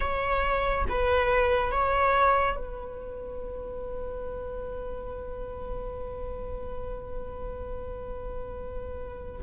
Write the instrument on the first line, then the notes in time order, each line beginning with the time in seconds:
viola
0.00 C#5
0.88 B4
1.71 C#5
2.56 B4